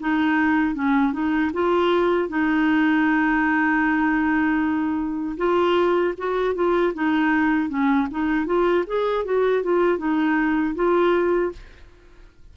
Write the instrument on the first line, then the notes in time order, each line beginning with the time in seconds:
clarinet
0.00 D#4
0.75 C#4
1.13 D#4
1.53 F4
2.29 D#4
5.37 F4
6.17 F#4
6.55 F4
6.94 D#4
7.69 C#4
8.11 D#4
8.46 F4
8.87 G#4
9.24 F#4
9.63 F4
9.98 D#4
10.75 F4